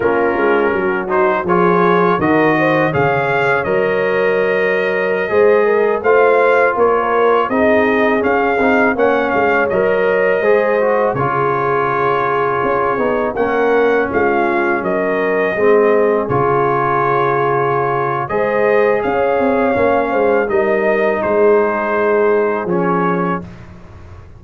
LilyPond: <<
  \new Staff \with { instrumentName = "trumpet" } { \time 4/4 \tempo 4 = 82 ais'4. c''8 cis''4 dis''4 | f''4 dis''2.~ | dis''16 f''4 cis''4 dis''4 f''8.~ | f''16 fis''8 f''8 dis''2 cis''8.~ |
cis''2~ cis''16 fis''4 f''8.~ | f''16 dis''2 cis''4.~ cis''16~ | cis''4 dis''4 f''2 | dis''4 c''2 cis''4 | }
  \new Staff \with { instrumentName = "horn" } { \time 4/4 f'4 fis'4 gis'4 ais'8 c''8 | cis''2.~ cis''16 c''8 ais'16~ | ais'16 c''4 ais'4 gis'4.~ gis'16~ | gis'16 cis''2 c''4 gis'8.~ |
gis'2~ gis'16 ais'4 f'8.~ | f'16 ais'4 gis'2~ gis'8.~ | gis'4 c''4 cis''4. c''8 | ais'4 gis'2. | }
  \new Staff \with { instrumentName = "trombone" } { \time 4/4 cis'4. dis'8 f'4 fis'4 | gis'4 ais'2~ ais'16 gis'8.~ | gis'16 f'2 dis'4 cis'8 dis'16~ | dis'16 cis'4 ais'4 gis'8 fis'8 f'8.~ |
f'4.~ f'16 dis'8 cis'4.~ cis'16~ | cis'4~ cis'16 c'4 f'4.~ f'16~ | f'4 gis'2 cis'4 | dis'2. cis'4 | }
  \new Staff \with { instrumentName = "tuba" } { \time 4/4 ais8 gis8 fis4 f4 dis4 | cis4 fis2~ fis16 gis8.~ | gis16 a4 ais4 c'4 cis'8 c'16~ | c'16 ais8 gis8 fis4 gis4 cis8.~ |
cis4~ cis16 cis'8 b8 ais4 gis8.~ | gis16 fis4 gis4 cis4.~ cis16~ | cis4 gis4 cis'8 c'8 ais8 gis8 | g4 gis2 f4 | }
>>